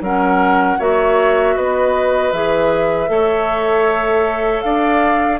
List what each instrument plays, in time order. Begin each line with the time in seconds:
0.00 bassoon F#3, clarinet C#4, oboe A#4, flute F#5
0.78 bassoon A#3, clarinet F#4, oboe C#5, flute E5
1.55 bassoon B3, oboe B4, flute D#5
2.31 bassoon E3, clarinet G#4, flute E5
3.07 bassoon A3, clarinet A4, oboe C#5
4.61 bassoon D4, oboe D5, flute F5